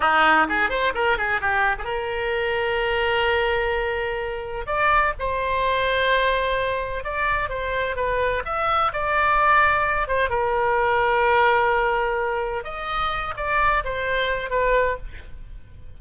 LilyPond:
\new Staff \with { instrumentName = "oboe" } { \time 4/4 \tempo 4 = 128 dis'4 gis'8 c''8 ais'8 gis'8 g'8. gis'16 | ais'1~ | ais'2 d''4 c''4~ | c''2. d''4 |
c''4 b'4 e''4 d''4~ | d''4. c''8 ais'2~ | ais'2. dis''4~ | dis''8 d''4 c''4. b'4 | }